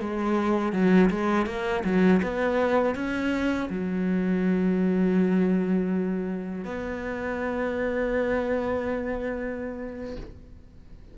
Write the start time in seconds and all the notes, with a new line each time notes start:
0.00 G#3
0.72 F#3
1.10 G#3
1.46 A#3
1.84 F#3
2.23 B3
2.95 C#4
3.69 F#3
6.64 B3